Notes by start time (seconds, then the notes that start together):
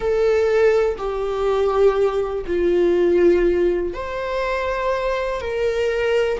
0.00 A4
0.97 G4
2.46 F4
3.93 C5
5.41 A#4